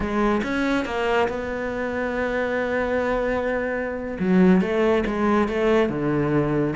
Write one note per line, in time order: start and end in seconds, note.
0.00 0.41 G#3
0.43 0.85 C#4
0.85 1.28 A#3
1.28 4.17 B3
4.19 4.61 F#3
4.61 5.04 A3
5.06 5.48 G#3
5.48 5.89 A3
5.89 6.75 D3